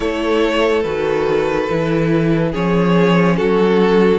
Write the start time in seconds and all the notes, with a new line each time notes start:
0.00 A3 E4 A4 C#5
0.83 D#3 F#4 B4
1.69 E3 E4
2.51 F3 C#4 G#4 C#5
3.36 F#3 F#4 A4